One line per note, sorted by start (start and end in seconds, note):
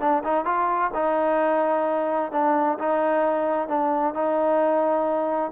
0.00 0.23 D4
0.24 0.45 D#4
0.45 0.91 F4
0.94 2.32 D#4
2.32 2.78 D4
2.79 3.68 D#4
3.68 4.14 D4
4.14 5.51 D#4